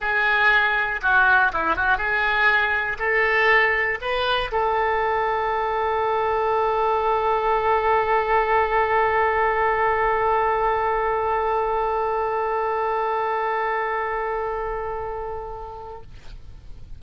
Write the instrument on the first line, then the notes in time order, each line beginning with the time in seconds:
oboe
0.00 G#4
1.02 F#4
1.52 E4
1.75 F#4
1.97 G#4
2.98 A4
4.01 B4
4.51 A4